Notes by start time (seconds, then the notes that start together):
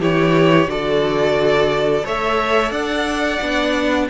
0.00 E3 E4 G4 C#5
0.66 D3 F#4 A4 D5
2.03 A3 A4 C#5 E5
2.71 D4 D5 F#5
3.41 B3 D4